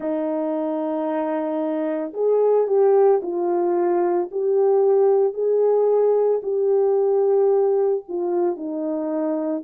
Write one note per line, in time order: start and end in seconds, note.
0.00 2.12 D#4
2.13 2.67 G#4
2.67 3.20 G4
3.22 4.29 F4
4.31 5.33 G4
5.33 6.40 G#4
6.42 8.03 G4
8.08 8.56 F4
8.56 9.63 D#4